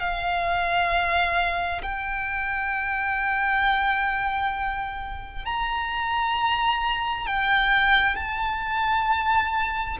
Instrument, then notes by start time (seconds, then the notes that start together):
violin
0.00 F5
1.82 G5
5.45 A#5
7.27 G5
8.16 A5